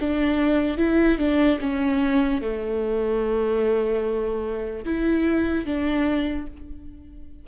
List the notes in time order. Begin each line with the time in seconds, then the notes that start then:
0.00 D4
0.78 E4
1.18 D4
1.60 C#4
2.41 A3
4.85 E4
5.66 D4